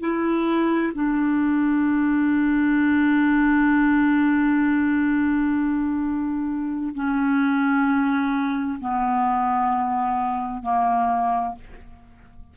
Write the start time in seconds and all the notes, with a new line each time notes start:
0.00 E4
0.94 D4
6.94 C#4
8.80 B3
10.63 A#3